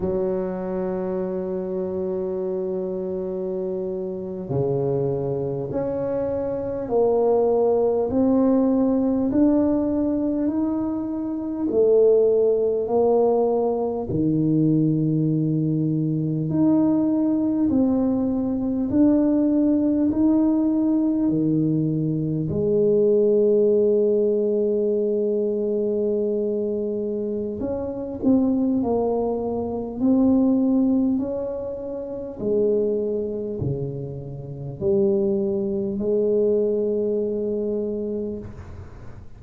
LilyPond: \new Staff \with { instrumentName = "tuba" } { \time 4/4 \tempo 4 = 50 fis2.~ fis8. cis16~ | cis8. cis'4 ais4 c'4 d'16~ | d'8. dis'4 a4 ais4 dis16~ | dis4.~ dis16 dis'4 c'4 d'16~ |
d'8. dis'4 dis4 gis4~ gis16~ | gis2. cis'8 c'8 | ais4 c'4 cis'4 gis4 | cis4 g4 gis2 | }